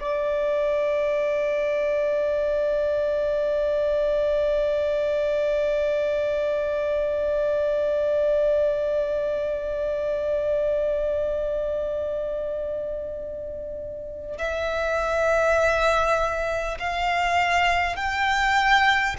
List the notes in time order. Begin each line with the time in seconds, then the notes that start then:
0.00 D5
14.38 E5
16.79 F5
17.96 G5